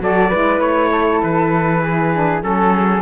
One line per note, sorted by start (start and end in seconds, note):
0.00 0.30 F#3
0.00 0.32 F#4
0.00 0.29 A4
0.00 0.61 D5
0.29 0.61 G#3
0.29 2.14 E4
0.29 0.89 B4
0.61 1.21 A3
0.61 1.21 C#5
0.91 1.81 A4
1.22 2.43 E3
1.22 2.43 B4
1.81 2.42 G#4
2.14 2.40 D4
2.40 3.02 F#3
2.40 3.01 C#4
2.40 3.02 A4
2.40 2.74 A4
2.74 3.02 G#4